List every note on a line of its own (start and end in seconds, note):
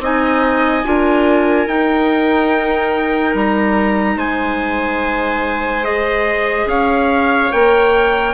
0.00 0.83 C4
0.00 0.85 D#4
0.00 0.86 D#5
0.00 1.68 G#5
0.85 1.67 D4
0.85 1.68 F4
0.85 4.17 A#4
1.67 3.34 D#4
1.67 5.84 D#4
1.67 3.35 G5
3.35 4.16 G3
3.35 4.19 A#5
4.16 6.66 G#3
4.16 6.67 C5
4.16 5.85 G#5
5.84 7.51 G#4
5.84 6.68 D#5
6.66 7.50 C#4
6.66 8.35 C#5
6.66 7.53 F5
7.53 8.35 A#3
7.53 8.35 A#4
7.53 8.35 G5